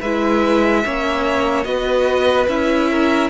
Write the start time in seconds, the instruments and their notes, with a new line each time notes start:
0.00 cello G#3, violin B4 E5
0.06 viola E4
0.85 cello A#3, viola C#4, violin C#5
1.65 cello B3, viola F#4, violin B4 D#5
2.48 cello C#4, viola E4, violin E5
2.91 violin A#4